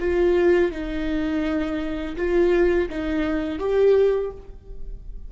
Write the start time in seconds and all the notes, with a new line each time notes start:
0.00 F4
0.72 D#4
2.17 F4
2.89 D#4
3.59 G4